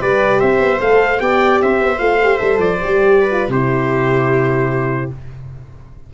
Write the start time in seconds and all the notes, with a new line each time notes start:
0.00 G3 G4 B4 D5
0.40 C4 C5 E5
0.59 B3
0.79 A3 A4 F5
1.18 B3 G4 D5 G5
1.62 C4 C5 E5
1.82 B3
1.99 A3 F4 F5
2.23 G4
2.38 G3 A4 E5
2.58 F3 D5
2.82 G3 G4
3.21 B4
3.31 F4
3.49 C3 E4 G4 C5